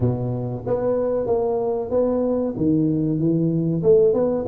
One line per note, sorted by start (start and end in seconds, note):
0.00 0.64 B2
0.66 1.26 B3
1.26 1.90 A#3
1.90 2.54 B3
2.56 3.18 D#3
3.18 3.82 E3
3.83 4.13 A3
4.13 4.45 B3